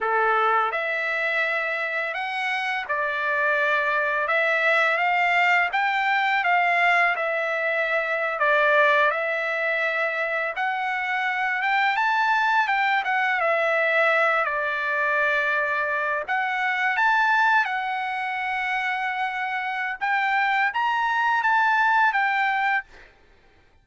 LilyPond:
\new Staff \with { instrumentName = "trumpet" } { \time 4/4 \tempo 4 = 84 a'4 e''2 fis''4 | d''2 e''4 f''4 | g''4 f''4 e''4.~ e''16 d''16~ | d''8. e''2 fis''4~ fis''16~ |
fis''16 g''8 a''4 g''8 fis''8 e''4~ e''16~ | e''16 d''2~ d''8 fis''4 a''16~ | a''8. fis''2.~ fis''16 | g''4 ais''4 a''4 g''4 | }